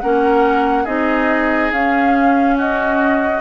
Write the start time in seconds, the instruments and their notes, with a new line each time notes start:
0.00 bassoon A#3, clarinet C#4, oboe A#4, flute F#5
0.84 bassoon C4, clarinet D#4, oboe G#4, flute D#5
1.72 bassoon C#4, clarinet C#4, flute F5
2.57 oboe F#4, flute D#5